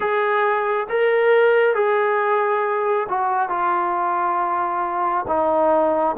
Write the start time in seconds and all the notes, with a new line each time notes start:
0.00 G#4
0.89 A#4
1.74 G#4
3.08 F#4
3.49 F4
5.27 D#4